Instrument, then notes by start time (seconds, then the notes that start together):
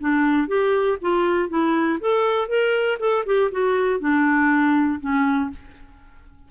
clarinet
0.00 D4
0.47 G4
1.02 F4
1.49 E4
2.00 A4
2.48 A#4
2.99 A4
3.26 G4
3.51 F#4
4.00 D4
5.00 C#4